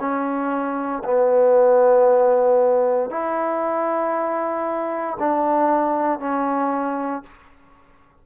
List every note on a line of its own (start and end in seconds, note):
0.00 1.03 C#4
1.04 3.11 B3
3.11 5.18 E4
5.20 6.20 D4
6.20 7.23 C#4